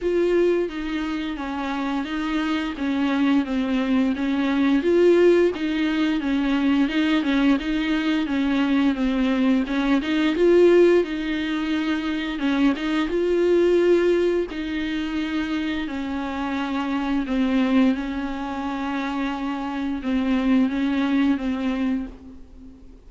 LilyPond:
\new Staff \with { instrumentName = "viola" } { \time 4/4 \tempo 4 = 87 f'4 dis'4 cis'4 dis'4 | cis'4 c'4 cis'4 f'4 | dis'4 cis'4 dis'8 cis'8 dis'4 | cis'4 c'4 cis'8 dis'8 f'4 |
dis'2 cis'8 dis'8 f'4~ | f'4 dis'2 cis'4~ | cis'4 c'4 cis'2~ | cis'4 c'4 cis'4 c'4 | }